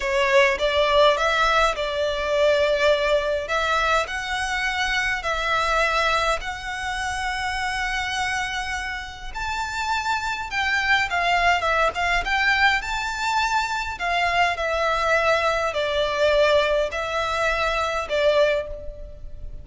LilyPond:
\new Staff \with { instrumentName = "violin" } { \time 4/4 \tempo 4 = 103 cis''4 d''4 e''4 d''4~ | d''2 e''4 fis''4~ | fis''4 e''2 fis''4~ | fis''1 |
a''2 g''4 f''4 | e''8 f''8 g''4 a''2 | f''4 e''2 d''4~ | d''4 e''2 d''4 | }